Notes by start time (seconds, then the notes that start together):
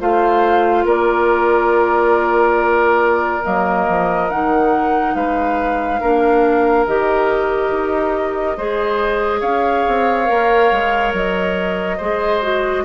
0.00 A3 F4 C5 F5
0.85 A#3 A#4 D5
3.43 F#3 A#3 D#5
3.89 F3
4.30 D#3 D#4 F#5
5.15 G#3 B4 F5
6.01 A#3 D4 A#4
6.87 D#3 G4 D#5
7.71 D#4
8.57 G#3 G#4 C5
9.40 C#4 C#5 F5
9.88 C4
10.25 A#3 A#4
10.72 G#3
11.14 F#3 D#5
11.98 G#3 G#4 C5
12.42 F#4